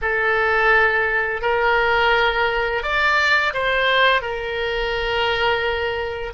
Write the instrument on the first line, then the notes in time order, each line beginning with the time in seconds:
oboe
0.01 A4
1.41 A#4
2.82 D5
3.53 C5
4.21 A#4